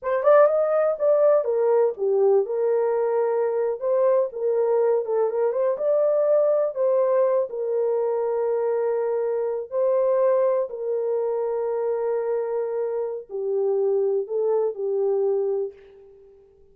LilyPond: \new Staff \with { instrumentName = "horn" } { \time 4/4 \tempo 4 = 122 c''8 d''8 dis''4 d''4 ais'4 | g'4 ais'2~ ais'8. c''16~ | c''8. ais'4. a'8 ais'8 c''8 d''16~ | d''4.~ d''16 c''4. ais'8.~ |
ais'2.~ ais'8. c''16~ | c''4.~ c''16 ais'2~ ais'16~ | ais'2. g'4~ | g'4 a'4 g'2 | }